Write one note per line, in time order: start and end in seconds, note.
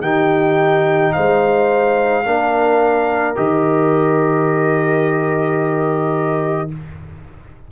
0.00 1.11 D#3
0.00 2.24 D#4
0.00 1.13 G4
0.00 1.12 G5
1.12 2.25 G#3
1.12 2.25 C5
1.12 3.34 F5
2.25 3.36 A#3
2.25 3.35 D4
2.25 6.70 A#4
3.35 6.71 D#3
3.35 6.68 G4
3.35 6.70 D#5